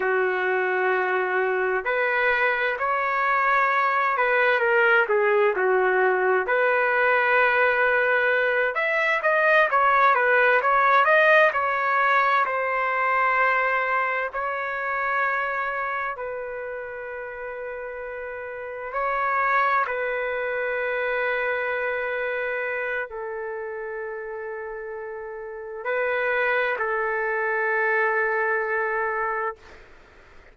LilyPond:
\new Staff \with { instrumentName = "trumpet" } { \time 4/4 \tempo 4 = 65 fis'2 b'4 cis''4~ | cis''8 b'8 ais'8 gis'8 fis'4 b'4~ | b'4. e''8 dis''8 cis''8 b'8 cis''8 | dis''8 cis''4 c''2 cis''8~ |
cis''4. b'2~ b'8~ | b'8 cis''4 b'2~ b'8~ | b'4 a'2. | b'4 a'2. | }